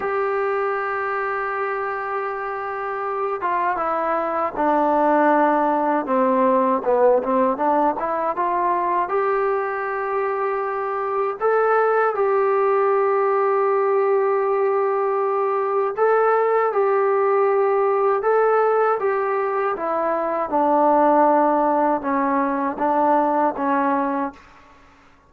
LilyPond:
\new Staff \with { instrumentName = "trombone" } { \time 4/4 \tempo 4 = 79 g'1~ | g'8 f'8 e'4 d'2 | c'4 b8 c'8 d'8 e'8 f'4 | g'2. a'4 |
g'1~ | g'4 a'4 g'2 | a'4 g'4 e'4 d'4~ | d'4 cis'4 d'4 cis'4 | }